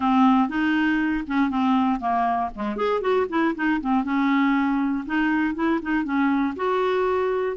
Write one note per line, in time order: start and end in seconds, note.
0.00 0.49 C4
0.49 1.24 D#4
1.27 1.50 C#4
1.50 2.00 C4
2.00 2.50 A#3
2.55 2.76 G#3
2.76 3.01 G#4
3.01 3.26 F#4
3.29 3.54 E4
3.55 3.80 D#4
3.80 4.04 C4
4.04 5.04 C#4
5.06 5.54 D#4
5.54 5.80 E4
5.81 6.04 D#4
6.04 6.54 C#4
6.56 7.56 F#4